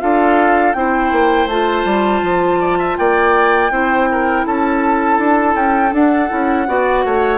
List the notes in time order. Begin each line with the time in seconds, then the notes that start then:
0.00 D4 F4 A4 F5
0.73 C4 E4 C5 G5
1.12 A#3
1.46 A3 F4 A5
1.85 G3
2.23 F3
2.60 D5
2.79 E5
2.98 A#3 D5 G5
3.71 C4 E4 C5
4.11 A#4
4.46 C#4 A4 A5
5.19 D4
5.55 C#4 G5
5.92 D4 F#5
6.29 C#4 E4
6.67 B3 F#4 D5
7.05 A3 C#5